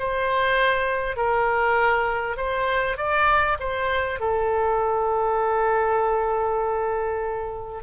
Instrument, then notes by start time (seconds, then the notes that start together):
oboe
0.00 C5
1.17 A#4
2.37 C5
2.98 D5
3.60 C5
4.20 A4